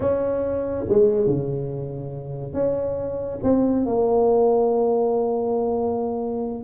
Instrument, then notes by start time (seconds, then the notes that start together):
tuba
0.00 C#4
0.88 G#3
1.26 C#3
2.53 C#4
3.43 C4
3.85 A#3